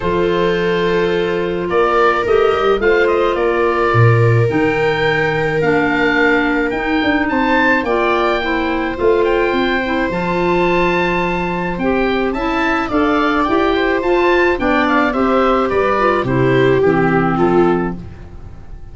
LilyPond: <<
  \new Staff \with { instrumentName = "oboe" } { \time 4/4 \tempo 4 = 107 c''2. d''4 | dis''4 f''8 dis''8 d''2 | g''2 f''2 | g''4 a''4 g''2 |
f''8 g''4. a''2~ | a''4 g''4 a''4 f''4 | g''4 a''4 g''8 f''8 e''4 | d''4 c''4 g'4 a'4 | }
  \new Staff \with { instrumentName = "viola" } { \time 4/4 a'2. ais'4~ | ais'4 c''4 ais'2~ | ais'1~ | ais'4 c''4 d''4 c''4~ |
c''1~ | c''2 e''4 d''4~ | d''8 c''4. d''4 c''4 | b'4 g'2 f'4 | }
  \new Staff \with { instrumentName = "clarinet" } { \time 4/4 f'1 | g'4 f'2. | dis'2 d'2 | dis'2 f'4 e'4 |
f'4. e'8 f'2~ | f'4 g'4 e'4 a'4 | g'4 f'4 d'4 g'4~ | g'8 f'8 e'4 c'2 | }
  \new Staff \with { instrumentName = "tuba" } { \time 4/4 f2. ais4 | a8 g8 a4 ais4 ais,4 | dis2 ais2 | dis'8 d'8 c'4 ais2 |
a4 c'4 f2~ | f4 c'4 cis'4 d'4 | e'4 f'4 b4 c'4 | g4 c4 e4 f4 | }
>>